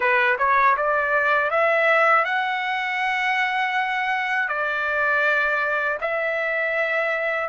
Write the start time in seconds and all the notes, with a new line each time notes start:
0.00 B4
0.38 C#5
0.76 D5
1.50 E5
2.24 F#5
4.48 D5
6.00 E5